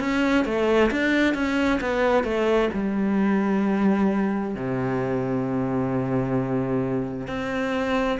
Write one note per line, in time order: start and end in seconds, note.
0.00 0.45 C#4
0.45 0.91 A3
0.92 1.35 D4
1.35 1.80 C#4
1.81 2.24 B3
2.24 2.69 A3
2.74 4.55 G3
4.55 7.28 C3
7.28 8.19 C4